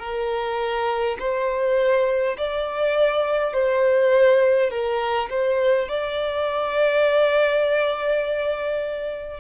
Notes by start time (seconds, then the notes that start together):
0.00 A#4
1.19 C5
2.37 D5
3.53 C5
4.71 A#4
5.30 C5
5.88 D5